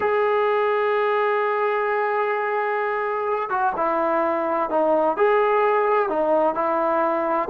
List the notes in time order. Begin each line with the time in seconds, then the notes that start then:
0.00 G#4
3.49 F#4
3.76 E4
4.70 D#4
5.16 G#4
6.09 D#4
6.55 E4